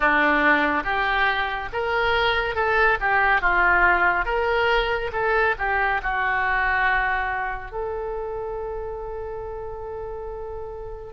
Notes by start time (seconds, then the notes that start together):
0.00 D4
0.83 G4
1.72 A#4
2.55 A4
3.00 G4
3.41 F4
4.25 A#4
5.12 A4
5.58 G4
6.02 F#4
7.71 A4